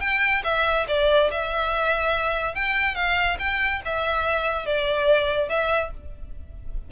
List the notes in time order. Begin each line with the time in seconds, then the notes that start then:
0.00 G5
0.44 E5
0.88 D5
1.31 E5
2.55 G5
2.95 F5
3.39 G5
3.85 E5
4.66 D5
5.49 E5